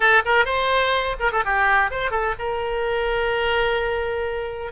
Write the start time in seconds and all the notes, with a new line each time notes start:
0.00 A4
0.25 A#4
0.45 C5
1.19 A#4
1.32 A4
1.45 G4
1.90 C5
2.10 A4
2.39 A#4